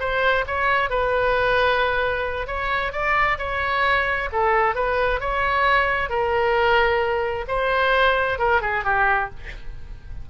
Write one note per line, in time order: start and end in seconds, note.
0.00 0.45 C5
0.47 0.90 C#5
0.90 2.47 B4
2.47 2.92 C#5
2.92 3.38 D5
3.39 4.30 C#5
4.32 4.75 A4
4.75 5.20 B4
5.21 6.10 C#5
6.10 7.46 A#4
7.48 8.39 C5
8.39 8.62 A#4
8.62 8.84 G#4
8.85 9.30 G4